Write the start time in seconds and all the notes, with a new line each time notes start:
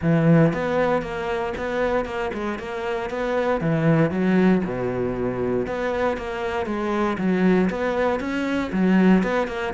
0.01 E3
0.53 B3
1.02 A#3
1.57 B3
2.05 A#3
2.33 G#3
2.59 A#3
3.09 B3
3.60 E3
4.10 F#3
4.64 B2
5.66 B3
6.17 A#3
6.66 G#3
7.18 F#3
7.70 B3
8.19 C#4
8.72 F#3
9.23 B3
9.47 A#3